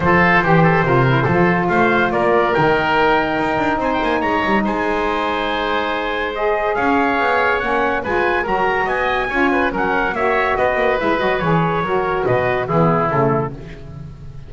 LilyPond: <<
  \new Staff \with { instrumentName = "trumpet" } { \time 4/4 \tempo 4 = 142 c''1 | f''4 d''4 g''2~ | g''4 gis''16 g''16 gis''8 ais''4 gis''4~ | gis''2. dis''4 |
f''2 fis''4 gis''4 | ais''4 gis''2 fis''4 | e''4 dis''4 e''8 dis''8 cis''4~ | cis''4 dis''4 gis'4 a'4 | }
  \new Staff \with { instrumentName = "oboe" } { \time 4/4 a'4 g'8 a'8 ais'4 a'4 | c''4 ais'2.~ | ais'4 c''4 cis''4 c''4~ | c''1 |
cis''2. b'4 | ais'4 dis''4 cis''8 b'8 ais'4 | cis''4 b'2. | ais'4 b'4 e'2 | }
  \new Staff \with { instrumentName = "saxophone" } { \time 4/4 f'4 g'4 f'8 e'8 f'4~ | f'2 dis'2~ | dis'1~ | dis'2. gis'4~ |
gis'2 cis'4 f'4 | fis'2 f'4 cis'4 | fis'2 e'8 fis'8 gis'4 | fis'2 b4 a4 | }
  \new Staff \with { instrumentName = "double bass" } { \time 4/4 f4 e4 c4 f4 | a4 ais4 dis2 | dis'8 d'8 c'8 ais8 gis8 g8 gis4~ | gis1 |
cis'4 b4 ais4 gis4 | fis4 b4 cis'4 fis4 | ais4 b8 ais8 gis8 fis8 e4 | fis4 b,4 e4 cis4 | }
>>